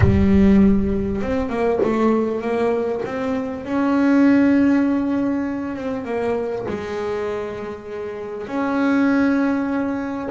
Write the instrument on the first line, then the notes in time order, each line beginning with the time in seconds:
double bass
0.00 G3
1.21 C4
1.49 A#3
1.83 A3
2.41 A#3
3.05 C4
3.64 C#4
5.76 C4
6.04 A#3
6.68 G#3
8.47 C#4